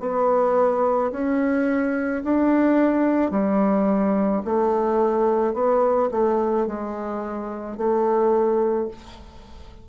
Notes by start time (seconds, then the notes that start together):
0.00 B3
1.12 C#4
2.24 D4
3.31 G3
4.45 A3
5.54 B3
6.11 A3
6.67 G#3
7.77 A3